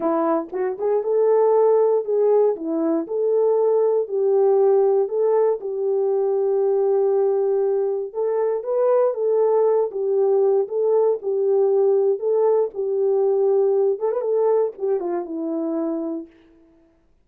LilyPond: \new Staff \with { instrumentName = "horn" } { \time 4/4 \tempo 4 = 118 e'4 fis'8 gis'8 a'2 | gis'4 e'4 a'2 | g'2 a'4 g'4~ | g'1 |
a'4 b'4 a'4. g'8~ | g'4 a'4 g'2 | a'4 g'2~ g'8 a'16 b'16 | a'4 g'8 f'8 e'2 | }